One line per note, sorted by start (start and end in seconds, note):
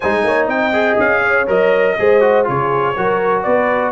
0.00 0.23 G#3
0.00 0.72 D#4
0.00 0.24 C5
0.00 0.47 G#5
0.23 0.47 A#3
0.23 0.48 C#5
0.47 0.96 C4
0.47 1.21 D#5
0.47 0.97 G5
0.72 1.46 G#4
0.98 1.47 C#4
0.98 1.48 F5
1.22 1.96 C#5
1.47 1.96 F#3
1.47 1.96 A#4
1.47 2.47 D#5
1.99 2.48 G#3
1.99 2.20 G#4
1.99 2.48 C5
2.20 2.44 F#4
2.44 2.97 C#3
2.44 2.93 F4
2.44 2.95 G#4
2.44 3.42 C#5
2.95 3.45 F#3
2.95 3.92 F#4
2.95 3.43 A#4
3.42 3.92 B3
3.42 3.92 B4
3.42 3.91 D5